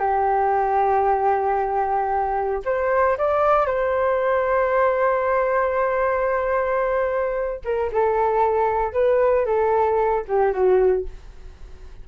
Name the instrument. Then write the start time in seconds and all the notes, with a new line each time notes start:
flute
0.00 G4
2.65 C5
3.18 D5
3.67 C5
7.65 A#4
7.93 A4
8.93 B4
9.46 A4
10.28 G4
10.53 F#4